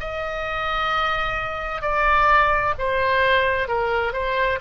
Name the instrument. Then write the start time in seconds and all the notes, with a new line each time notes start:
oboe
0.00 D#5
1.82 D5
2.79 C5
3.68 A#4
4.13 C5